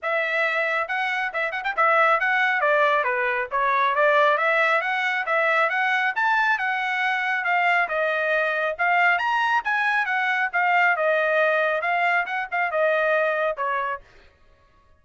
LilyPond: \new Staff \with { instrumentName = "trumpet" } { \time 4/4 \tempo 4 = 137 e''2 fis''4 e''8 fis''16 g''16 | e''4 fis''4 d''4 b'4 | cis''4 d''4 e''4 fis''4 | e''4 fis''4 a''4 fis''4~ |
fis''4 f''4 dis''2 | f''4 ais''4 gis''4 fis''4 | f''4 dis''2 f''4 | fis''8 f''8 dis''2 cis''4 | }